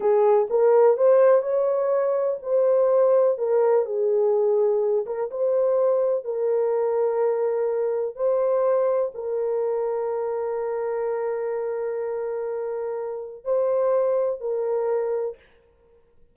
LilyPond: \new Staff \with { instrumentName = "horn" } { \time 4/4 \tempo 4 = 125 gis'4 ais'4 c''4 cis''4~ | cis''4 c''2 ais'4 | gis'2~ gis'8 ais'8 c''4~ | c''4 ais'2.~ |
ais'4 c''2 ais'4~ | ais'1~ | ais'1 | c''2 ais'2 | }